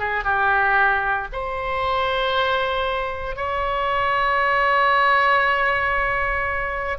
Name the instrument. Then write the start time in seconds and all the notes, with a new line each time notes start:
oboe
0.00 G#4
0.24 G4
1.33 C5
3.37 C#5